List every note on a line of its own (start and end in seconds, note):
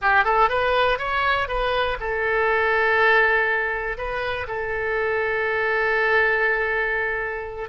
0.01 0.24 G4
0.24 0.49 A4
0.49 0.98 B4
0.98 1.47 C#5
1.47 1.97 B4
2.00 3.97 A4
3.97 4.47 B4
4.47 7.69 A4